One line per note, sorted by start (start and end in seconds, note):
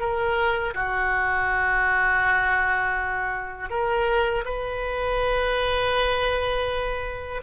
0.00 0.74 A#4
0.74 3.70 F#4
3.70 4.44 A#4
4.45 7.41 B4